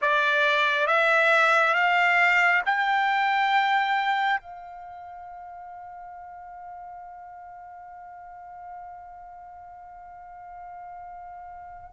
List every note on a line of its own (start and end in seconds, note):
0.01 0.86 D5
0.86 1.74 E5
1.74 2.62 F5
2.65 4.40 G5
4.40 11.90 F5